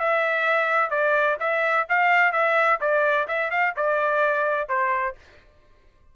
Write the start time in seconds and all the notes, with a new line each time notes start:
0.00 E5
0.91 D5
1.40 E5
1.89 F5
2.33 E5
2.81 D5
3.28 E5
3.51 F5
3.76 D5
4.69 C5